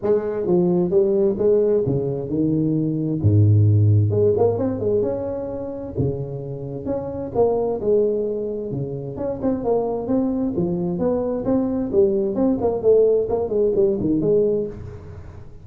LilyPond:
\new Staff \with { instrumentName = "tuba" } { \time 4/4 \tempo 4 = 131 gis4 f4 g4 gis4 | cis4 dis2 gis,4~ | gis,4 gis8 ais8 c'8 gis8 cis'4~ | cis'4 cis2 cis'4 |
ais4 gis2 cis4 | cis'8 c'8 ais4 c'4 f4 | b4 c'4 g4 c'8 ais8 | a4 ais8 gis8 g8 dis8 gis4 | }